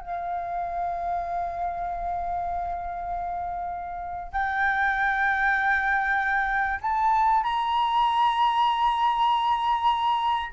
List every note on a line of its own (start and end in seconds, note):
0.00 4.32 F5
4.32 6.79 G5
6.82 7.43 A5
7.43 10.52 A#5